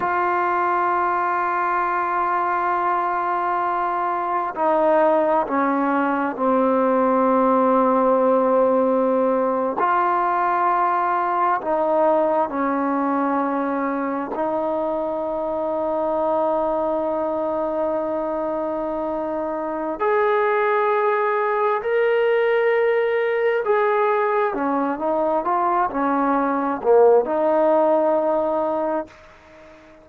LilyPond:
\new Staff \with { instrumentName = "trombone" } { \time 4/4 \tempo 4 = 66 f'1~ | f'4 dis'4 cis'4 c'4~ | c'2~ c'8. f'4~ f'16~ | f'8. dis'4 cis'2 dis'16~ |
dis'1~ | dis'2 gis'2 | ais'2 gis'4 cis'8 dis'8 | f'8 cis'4 ais8 dis'2 | }